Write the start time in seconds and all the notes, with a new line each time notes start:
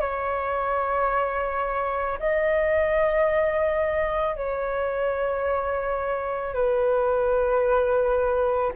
0.00 C#5
2.19 D#5
4.35 C#5
6.54 B4